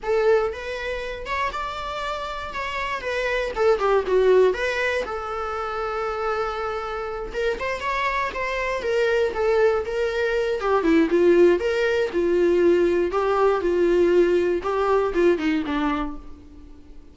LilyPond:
\new Staff \with { instrumentName = "viola" } { \time 4/4 \tempo 4 = 119 a'4 b'4. cis''8 d''4~ | d''4 cis''4 b'4 a'8 g'8 | fis'4 b'4 a'2~ | a'2~ a'8 ais'8 c''8 cis''8~ |
cis''8 c''4 ais'4 a'4 ais'8~ | ais'4 g'8 e'8 f'4 ais'4 | f'2 g'4 f'4~ | f'4 g'4 f'8 dis'8 d'4 | }